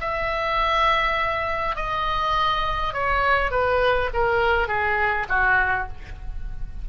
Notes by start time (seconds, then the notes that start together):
0.00 E5
1.75 D#5
2.93 C#5
3.51 B4
4.13 A#4
4.67 G#4
5.29 F#4